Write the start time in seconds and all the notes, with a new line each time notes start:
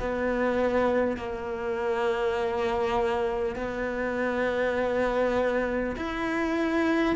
0.00 B3
1.17 A#3
3.56 B3
5.97 E4